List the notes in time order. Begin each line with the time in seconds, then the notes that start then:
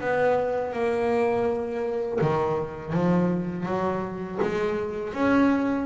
0.00 B3
0.73 A#3
2.21 D#3
2.92 F3
3.66 F#3
4.41 G#3
5.13 C#4